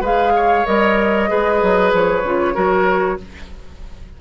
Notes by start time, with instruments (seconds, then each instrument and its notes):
0.00 bassoon G#3, clarinet G#4, oboe B4, flute F5
0.35 oboe C#5
0.65 bassoon G3, clarinet A#4, flute D#5
1.28 bassoon G#3, clarinet G#4, oboe B4
1.62 bassoon F#3
1.93 bassoon F3, flute C#5
2.23 bassoon C#3, clarinet F4
2.54 bassoon F#3, clarinet F#4, oboe A#4